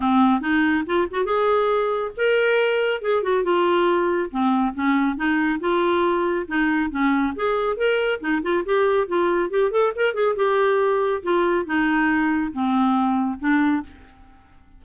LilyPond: \new Staff \with { instrumentName = "clarinet" } { \time 4/4 \tempo 4 = 139 c'4 dis'4 f'8 fis'8 gis'4~ | gis'4 ais'2 gis'8 fis'8 | f'2 c'4 cis'4 | dis'4 f'2 dis'4 |
cis'4 gis'4 ais'4 dis'8 f'8 | g'4 f'4 g'8 a'8 ais'8 gis'8 | g'2 f'4 dis'4~ | dis'4 c'2 d'4 | }